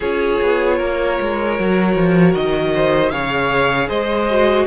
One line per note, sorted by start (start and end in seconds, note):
0.00 0.40 C#4
0.00 1.57 F4
0.00 0.77 G#4
0.00 2.34 C#5
0.41 0.80 B3
0.77 1.19 A#3
0.77 2.72 A#4
1.20 1.59 G#3
1.57 1.95 F#3
1.57 3.12 F#4
1.95 2.34 F3
2.34 3.11 D#3
2.34 3.11 D#5
2.74 3.12 C5
3.11 3.89 C#3
3.11 4.29 G#4
3.11 3.87 C#5
3.11 3.88 F5
3.87 4.66 G#3
3.87 4.65 C5
3.87 4.66 D#5
4.30 4.66 F#4